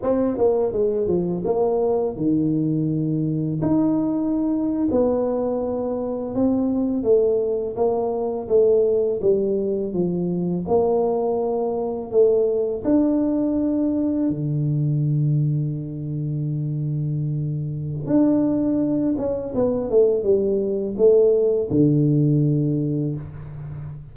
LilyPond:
\new Staff \with { instrumentName = "tuba" } { \time 4/4 \tempo 4 = 83 c'8 ais8 gis8 f8 ais4 dis4~ | dis4 dis'4.~ dis'16 b4~ b16~ | b8. c'4 a4 ais4 a16~ | a8. g4 f4 ais4~ ais16~ |
ais8. a4 d'2 d16~ | d1~ | d4 d'4. cis'8 b8 a8 | g4 a4 d2 | }